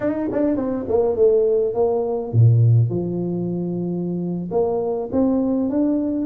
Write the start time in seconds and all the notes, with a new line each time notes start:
0.00 D#4
0.32 D4
0.56 C4
0.88 A#3
1.15 A3
1.74 A#3
2.32 A#2
2.89 F3
4.51 A#3
5.12 C4
5.69 D4